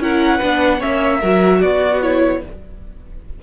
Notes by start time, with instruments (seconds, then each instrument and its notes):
0.00 cello C#4, viola E4, violin A#4 F#5
0.38 cello B3, viola D4, violin B4
0.79 cello A#3, viola C#4, violin C#5 E5
1.21 cello F#3, viola F#4, violin A#4
1.59 cello B3, violin F#4 D5
2.02 viola E4, violin C#5